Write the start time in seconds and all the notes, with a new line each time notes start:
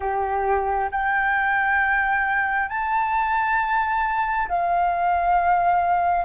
0.00 G4
0.91 G5
2.69 A5
4.48 F5